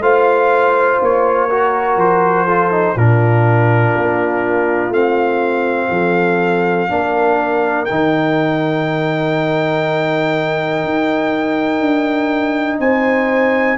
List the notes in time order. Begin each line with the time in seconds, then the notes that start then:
0.00 A3 F4 C5 F5
1.01 A#3 C#5
1.49 F#4 A#4
1.97 F3 C5
2.46 F4 A4
2.72 D#4
2.96 A#2 D4 F4 A#4
3.96 A#3
4.90 A3 C4 F5
5.91 F3 A4
6.89 A#3 D4 A#4
7.86 D#3 D#4 G5
10.84 D#4
11.80 D4
12.80 C4 C5 G#5